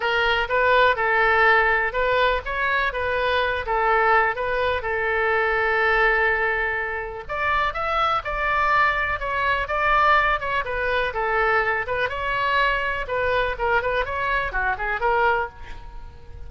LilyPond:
\new Staff \with { instrumentName = "oboe" } { \time 4/4 \tempo 4 = 124 ais'4 b'4 a'2 | b'4 cis''4 b'4. a'8~ | a'4 b'4 a'2~ | a'2. d''4 |
e''4 d''2 cis''4 | d''4. cis''8 b'4 a'4~ | a'8 b'8 cis''2 b'4 | ais'8 b'8 cis''4 fis'8 gis'8 ais'4 | }